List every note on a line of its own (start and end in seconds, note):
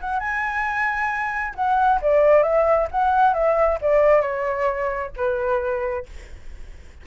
0.00 0.19 F#5
0.19 1.54 G#5
1.55 1.99 F#5
2.01 2.43 D5
2.43 2.87 E5
2.91 3.33 F#5
3.33 3.78 E5
3.81 4.21 D5
4.21 5.10 C#5
5.16 6.05 B4